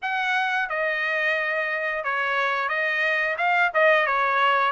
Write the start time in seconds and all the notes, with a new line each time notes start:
0.02 F#5
0.69 D#5
2.04 C#5
2.68 D#5
3.37 F5
3.74 D#5
4.06 C#5